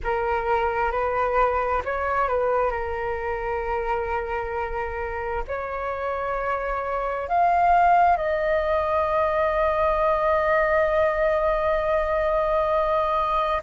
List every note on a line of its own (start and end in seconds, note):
0.03 0.91 A#4
0.91 1.82 B4
1.84 2.28 C#5
2.28 2.70 B4
2.70 5.43 A#4
5.47 7.28 C#5
7.28 8.16 F5
8.16 13.62 D#5